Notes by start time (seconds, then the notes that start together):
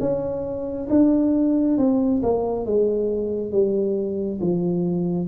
0.00 C#4
0.89 D4
1.78 C4
2.23 A#3
2.66 G#3
3.51 G3
4.41 F3